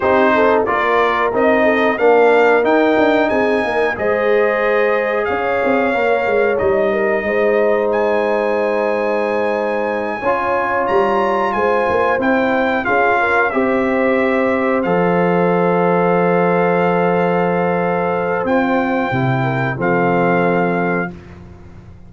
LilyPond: <<
  \new Staff \with { instrumentName = "trumpet" } { \time 4/4 \tempo 4 = 91 c''4 d''4 dis''4 f''4 | g''4 gis''4 dis''2 | f''2 dis''2 | gis''1~ |
gis''8 ais''4 gis''4 g''4 f''8~ | f''8 e''2 f''4.~ | f''1 | g''2 f''2 | }
  \new Staff \with { instrumentName = "horn" } { \time 4/4 g'8 a'8 ais'4. a'8 ais'4~ | ais'4 gis'8 ais'8 c''2 | cis''2~ cis''8 ais'8 c''4~ | c''2.~ c''8 cis''8~ |
cis''4. c''2 gis'8 | ais'8 c''2.~ c''8~ | c''1~ | c''4. ais'8 a'2 | }
  \new Staff \with { instrumentName = "trombone" } { \time 4/4 dis'4 f'4 dis'4 d'4 | dis'2 gis'2~ | gis'4 ais'4 dis'2~ | dis'2.~ dis'8 f'8~ |
f'2~ f'8 e'4 f'8~ | f'8 g'2 a'4.~ | a'1 | f'4 e'4 c'2 | }
  \new Staff \with { instrumentName = "tuba" } { \time 4/4 c'4 ais4 c'4 ais4 | dis'8 d'8 c'8 ais8 gis2 | cis'8 c'8 ais8 gis8 g4 gis4~ | gis2.~ gis8 cis'8~ |
cis'8 g4 gis8 ais8 c'4 cis'8~ | cis'8 c'2 f4.~ | f1 | c'4 c4 f2 | }
>>